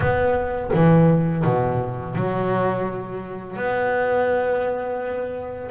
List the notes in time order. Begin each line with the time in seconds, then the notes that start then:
0.00 B3
0.73 E3
1.44 B2
2.15 F#3
3.56 B3